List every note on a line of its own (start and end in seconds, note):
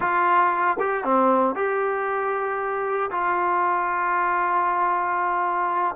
0.00 0.77 F4
0.79 1.03 G4
1.03 1.55 C4
1.55 3.10 G4
3.10 5.95 F4